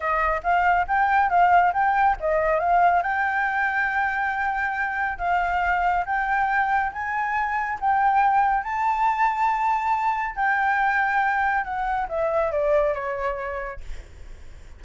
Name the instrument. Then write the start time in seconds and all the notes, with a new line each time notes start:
flute
0.00 D#5
0.43 F5
0.87 G5
1.29 F5
1.73 G5
2.20 D#5
2.59 F5
3.02 G5
5.18 F5
6.05 G5
6.92 G#5
7.80 G5
8.63 A5
10.35 G5
11.64 F#5
12.08 E5
12.51 D5
12.94 C#5